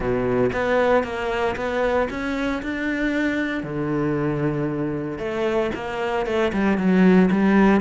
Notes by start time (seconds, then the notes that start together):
0.00 B2
0.52 B3
1.03 A#3
1.56 B3
2.09 C#4
2.62 D4
3.63 D3
5.18 A3
5.74 A#3
6.25 A3
6.52 G3
6.77 F#3
7.31 G3